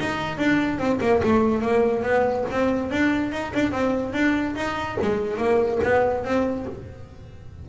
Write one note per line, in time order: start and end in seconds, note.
0.00 0.38 D#4
0.38 0.79 D4
0.79 1.00 C4
1.01 1.22 A#3
1.24 1.62 A3
1.62 2.03 A#3
2.03 2.45 B3
2.51 2.91 C4
2.91 3.32 D4
3.32 3.53 D#4
3.54 3.72 D4
3.72 4.14 C4
4.14 4.56 D4
4.56 4.98 D#4
5.02 5.38 G#3
5.38 5.80 A#3
5.84 6.25 B3
6.25 6.67 C4